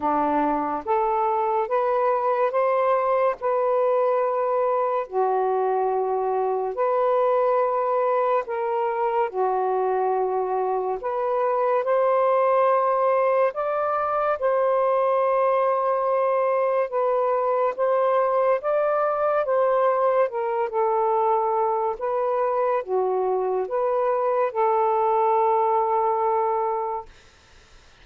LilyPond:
\new Staff \with { instrumentName = "saxophone" } { \time 4/4 \tempo 4 = 71 d'4 a'4 b'4 c''4 | b'2 fis'2 | b'2 ais'4 fis'4~ | fis'4 b'4 c''2 |
d''4 c''2. | b'4 c''4 d''4 c''4 | ais'8 a'4. b'4 fis'4 | b'4 a'2. | }